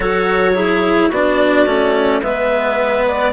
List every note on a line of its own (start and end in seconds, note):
0.00 1.09 F#3
0.00 0.54 F#4
0.00 0.53 A4
0.00 1.11 C#5
0.53 1.11 E4
0.53 1.08 G#4
1.08 1.66 B3
1.08 2.19 F#4
1.08 2.22 D5
1.14 1.66 D4
1.66 2.21 A3
1.66 2.22 C#4
2.21 3.33 G#3
2.21 3.33 B3
2.21 3.32 B4
2.21 3.05 E5
3.06 3.33 D5